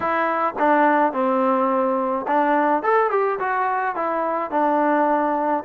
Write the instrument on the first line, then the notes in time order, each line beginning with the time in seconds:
trombone
0.00 E4
0.58 D4
1.12 C4
2.27 D4
2.83 A4
3.10 G4
3.39 F#4
3.95 E4
4.51 D4